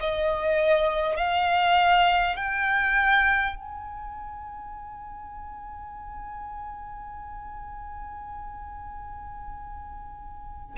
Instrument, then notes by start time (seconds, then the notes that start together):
violin
0.00 D#5
1.16 F5
2.36 G5
3.56 G#5